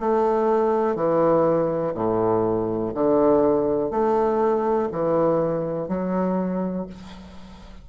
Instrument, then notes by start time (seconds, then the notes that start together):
bassoon
0.00 A3
0.96 E3
1.94 A2
2.95 D3
3.91 A3
4.92 E3
5.88 F#3